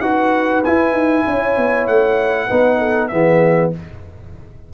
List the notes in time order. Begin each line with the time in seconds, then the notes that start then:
0.00 D#4 F#4 B4 F#5
0.64 E4 G#5
0.91 D#4
1.26 C#4 C#5
1.57 B3
1.87 A3 F#5
2.47 B3 D#4 B4
2.78 A4
3.07 E3 B3 G#4 E5